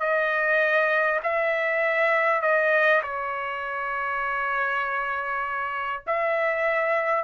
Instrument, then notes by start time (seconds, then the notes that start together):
trumpet
0.00 D#5
1.23 E5
2.42 D#5
3.03 C#5
6.07 E5